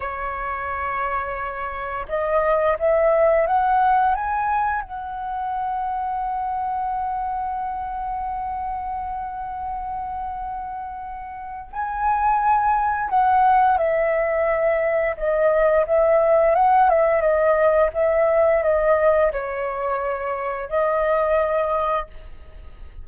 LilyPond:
\new Staff \with { instrumentName = "flute" } { \time 4/4 \tempo 4 = 87 cis''2. dis''4 | e''4 fis''4 gis''4 fis''4~ | fis''1~ | fis''1~ |
fis''4 gis''2 fis''4 | e''2 dis''4 e''4 | fis''8 e''8 dis''4 e''4 dis''4 | cis''2 dis''2 | }